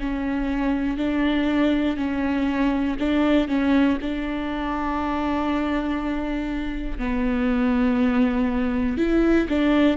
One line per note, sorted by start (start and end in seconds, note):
0.00 0.97 C#4
0.97 1.97 D4
1.97 2.97 C#4
2.99 3.48 D4
3.48 3.98 C#4
4.01 6.99 D4
6.99 8.98 B3
8.98 9.48 E4
9.49 9.97 D4